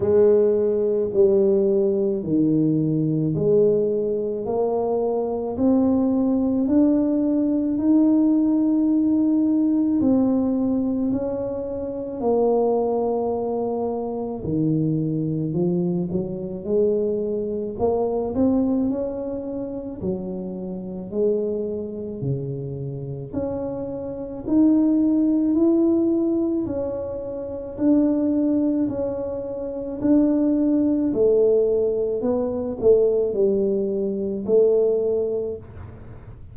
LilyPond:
\new Staff \with { instrumentName = "tuba" } { \time 4/4 \tempo 4 = 54 gis4 g4 dis4 gis4 | ais4 c'4 d'4 dis'4~ | dis'4 c'4 cis'4 ais4~ | ais4 dis4 f8 fis8 gis4 |
ais8 c'8 cis'4 fis4 gis4 | cis4 cis'4 dis'4 e'4 | cis'4 d'4 cis'4 d'4 | a4 b8 a8 g4 a4 | }